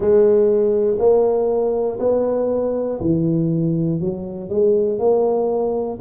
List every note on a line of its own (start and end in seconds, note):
0.00 0.97 G#3
0.99 1.99 A#3
1.99 2.99 B3
3.00 4.00 E3
4.00 4.49 F#3
4.49 4.98 G#3
4.98 5.98 A#3